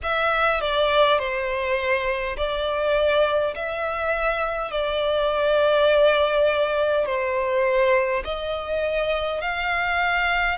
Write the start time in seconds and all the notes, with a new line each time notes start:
0.02 E5
0.60 D5
1.18 C5
2.36 D5
3.55 E5
4.71 D5
7.05 C5
8.24 D#5
9.41 F5